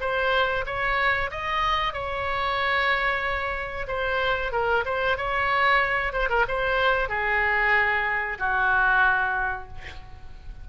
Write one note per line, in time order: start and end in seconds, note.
0.00 0.65 C5
0.65 1.30 C#5
1.30 1.93 D#5
1.93 3.86 C#5
3.87 4.52 C5
4.52 4.84 A#4
4.85 5.17 C5
5.17 6.13 C#5
6.13 6.29 C5
6.29 6.45 A#4
6.48 7.09 C5
7.09 8.38 G#4
8.38 9.67 F#4